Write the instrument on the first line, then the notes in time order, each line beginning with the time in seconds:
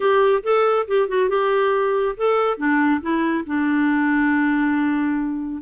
clarinet
0.00 G4
0.43 A4
0.87 G4
1.08 F#4
1.29 G4
2.16 A4
2.57 D4
3.01 E4
3.46 D4